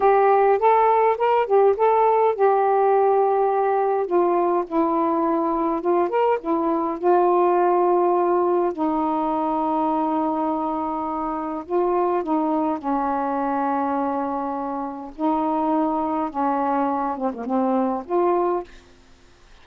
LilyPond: \new Staff \with { instrumentName = "saxophone" } { \time 4/4 \tempo 4 = 103 g'4 a'4 ais'8 g'8 a'4 | g'2. f'4 | e'2 f'8 ais'8 e'4 | f'2. dis'4~ |
dis'1 | f'4 dis'4 cis'2~ | cis'2 dis'2 | cis'4. c'16 ais16 c'4 f'4 | }